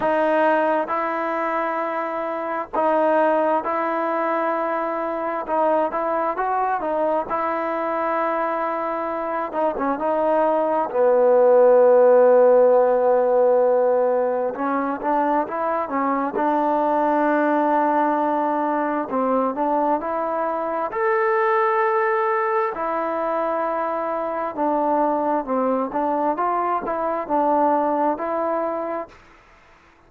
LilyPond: \new Staff \with { instrumentName = "trombone" } { \time 4/4 \tempo 4 = 66 dis'4 e'2 dis'4 | e'2 dis'8 e'8 fis'8 dis'8 | e'2~ e'8 dis'16 cis'16 dis'4 | b1 |
cis'8 d'8 e'8 cis'8 d'2~ | d'4 c'8 d'8 e'4 a'4~ | a'4 e'2 d'4 | c'8 d'8 f'8 e'8 d'4 e'4 | }